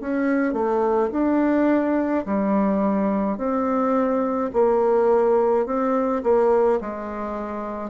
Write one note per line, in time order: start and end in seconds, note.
0.00 0.52 C#4
0.52 1.09 A3
1.12 2.25 D4
2.25 3.37 G3
3.37 4.50 C4
4.53 5.66 A#3
5.66 6.22 C4
6.23 6.79 A#3
6.81 7.89 G#3